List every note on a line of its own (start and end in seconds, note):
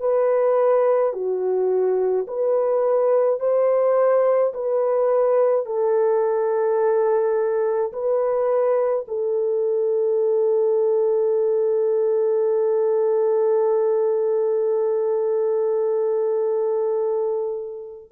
0.00 1.13 B4
1.13 2.26 F#4
2.27 3.40 B4
3.40 4.53 C5
4.54 5.66 B4
5.66 7.92 A4
7.93 9.06 B4
9.08 18.12 A4